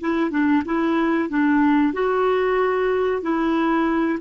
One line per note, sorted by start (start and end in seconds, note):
0.00 0.30 E4
0.30 0.62 D4
0.65 1.29 E4
1.29 1.93 D4
1.93 3.22 F#4
3.22 4.19 E4